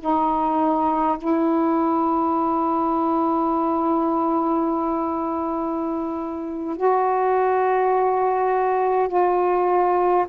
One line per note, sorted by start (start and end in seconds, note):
0.00 1.18 D#4
1.18 6.76 E4
6.76 9.08 F#4
9.08 10.26 F4